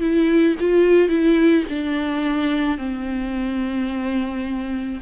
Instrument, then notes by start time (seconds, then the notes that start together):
viola
0.00 E4
0.60 F4
1.08 E4
1.69 D4
2.77 C4